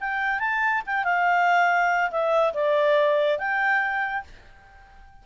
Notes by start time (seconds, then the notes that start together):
0.00 G5
0.39 A5
0.86 G5
1.04 F5
2.11 E5
2.54 D5
3.39 G5